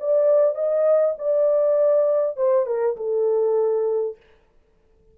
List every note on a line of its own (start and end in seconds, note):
0.00 0.55 D5
0.55 1.15 D#5
1.18 2.37 D5
2.37 2.66 C5
2.66 2.96 A#4
2.97 4.17 A4